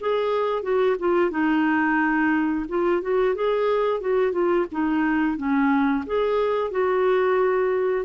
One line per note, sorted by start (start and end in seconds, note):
0.00 0.63 G#4
0.63 0.97 F#4
0.99 1.31 F4
1.31 2.66 D#4
2.69 3.02 F4
3.02 3.35 F#4
3.35 4.01 G#4
4.01 4.32 F#4
4.32 4.66 F4
4.72 5.37 D#4
5.37 6.04 C#4
6.06 6.71 G#4
6.71 8.05 F#4